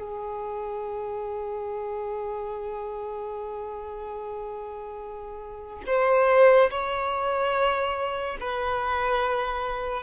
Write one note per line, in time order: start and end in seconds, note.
0.00 5.83 G#4
5.87 6.70 C5
6.71 8.37 C#5
8.41 10.03 B4